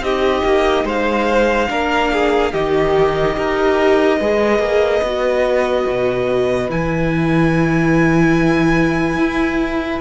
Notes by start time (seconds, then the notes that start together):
0.00 C4 D#4 G4 D#5
0.44 A#3
0.84 G#3 C5 F5
1.68 A#3 D4 A#4
2.12 G#4
2.52 D#3 D#4 G4 D#5
3.34 D#4 G4 A#4
4.19 G#3 G#4 B4
4.59 A#3
5.02 B3 F#4
5.88 B2
6.69 E3 E4 G#5
9.17 E4